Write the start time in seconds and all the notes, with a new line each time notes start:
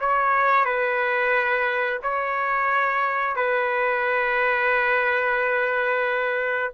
0.00 C#5
0.65 B4
2.03 C#5
3.36 B4